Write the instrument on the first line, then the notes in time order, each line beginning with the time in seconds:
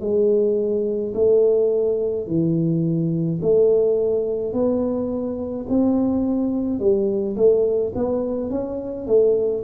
tuba
0.00 G#3
1.14 A3
2.27 E3
3.42 A3
4.53 B3
5.69 C4
6.79 G3
7.36 A3
7.95 B3
8.50 C#4
9.06 A3